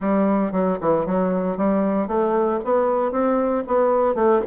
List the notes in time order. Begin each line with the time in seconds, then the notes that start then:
0.00 G3
0.51 F#3
0.80 E3
1.06 F#3
1.57 G3
2.07 A3
2.64 B3
3.11 C4
3.67 B3
4.14 A3